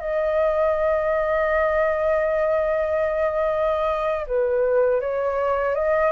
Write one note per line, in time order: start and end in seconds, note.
0.00 4.26 D#5
4.27 5.01 B4
5.01 5.74 C#5
5.74 6.11 D#5